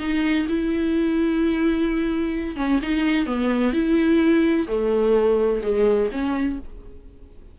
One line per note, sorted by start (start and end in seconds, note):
0.00 0.47 D#4
0.49 2.57 E4
2.57 2.80 C#4
2.83 3.27 D#4
3.27 3.74 B3
3.74 4.67 E4
4.68 5.62 A3
5.63 6.10 G#3
6.12 6.59 C#4